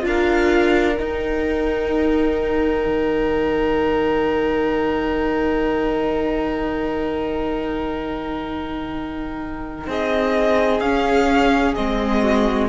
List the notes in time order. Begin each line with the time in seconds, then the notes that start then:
0.00 D4 F4
0.07 A#4 F5
0.97 D#4 G5
2.86 D#3
9.87 C4 G#4 D#5
10.80 C#4 F5
11.75 G#3 C4 D#5
12.22 F#4